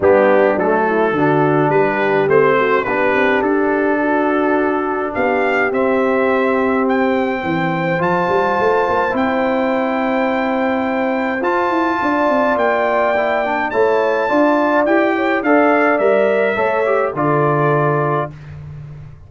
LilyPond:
<<
  \new Staff \with { instrumentName = "trumpet" } { \time 4/4 \tempo 4 = 105 g'4 a'2 b'4 | c''4 b'4 a'2~ | a'4 f''4 e''2 | g''2 a''2 |
g''1 | a''2 g''2 | a''2 g''4 f''4 | e''2 d''2 | }
  \new Staff \with { instrumentName = "horn" } { \time 4/4 d'4. e'8 fis'4 g'4~ | g'8 fis'8 g'2 fis'4~ | fis'4 g'2.~ | g'4 c''2.~ |
c''1~ | c''4 d''2. | cis''4 d''4. cis''8 d''4~ | d''4 cis''4 a'2 | }
  \new Staff \with { instrumentName = "trombone" } { \time 4/4 b4 a4 d'2 | c'4 d'2.~ | d'2 c'2~ | c'2 f'2 |
e'1 | f'2. e'8 d'8 | e'4 f'4 g'4 a'4 | ais'4 a'8 g'8 f'2 | }
  \new Staff \with { instrumentName = "tuba" } { \time 4/4 g4 fis4 d4 g4 | a4 b8 c'8 d'2~ | d'4 b4 c'2~ | c'4 e4 f8 g8 a8 ais8 |
c'1 | f'8 e'8 d'8 c'8 ais2 | a4 d'4 e'4 d'4 | g4 a4 d2 | }
>>